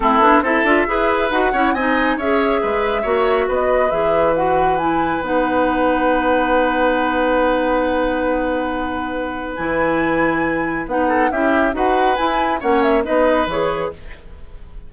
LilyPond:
<<
  \new Staff \with { instrumentName = "flute" } { \time 4/4 \tempo 4 = 138 a'4 e''2 fis''4 | gis''4 e''2. | dis''4 e''4 fis''4 gis''4 | fis''1~ |
fis''1~ | fis''2 gis''2~ | gis''4 fis''4 e''4 fis''4 | gis''4 fis''8 e''8 dis''4 cis''4 | }
  \new Staff \with { instrumentName = "oboe" } { \time 4/4 e'4 a'4 b'4. cis''8 | dis''4 cis''4 b'4 cis''4 | b'1~ | b'1~ |
b'1~ | b'1~ | b'4. a'8 g'4 b'4~ | b'4 cis''4 b'2 | }
  \new Staff \with { instrumentName = "clarinet" } { \time 4/4 c'8 d'8 e'8 f'8 gis'4 fis'8 e'8 | dis'4 gis'2 fis'4~ | fis'4 gis'4 fis'4 e'4 | dis'1~ |
dis'1~ | dis'2 e'2~ | e'4 dis'4 e'4 fis'4 | e'4 cis'4 dis'4 gis'4 | }
  \new Staff \with { instrumentName = "bassoon" } { \time 4/4 a8 b8 c'8 d'8 e'4 dis'8 cis'8 | c'4 cis'4 gis4 ais4 | b4 e2. | b1~ |
b1~ | b2 e2~ | e4 b4 cis'4 dis'4 | e'4 ais4 b4 e4 | }
>>